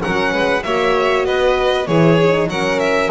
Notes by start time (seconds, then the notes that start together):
0.00 C#4 A#4 F#5
0.06 F#3
0.32 G#3 B4
0.63 A#3 F#4 C#5 E5
1.25 B3 B4 D#5
1.86 E3 E4 G#4 C#5
2.21 D#4
2.48 F#3 C#4 A#4 F#5
2.80 E5